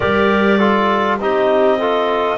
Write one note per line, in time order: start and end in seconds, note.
0.00 1.19 G3
0.00 0.59 G4
0.00 0.58 A#4
0.00 1.18 D5
0.58 1.19 F4
0.58 1.18 A4
1.19 2.37 C4
1.19 1.79 D#4
1.19 1.78 G4
1.19 2.37 D#5
1.78 2.37 F4
1.78 2.37 A4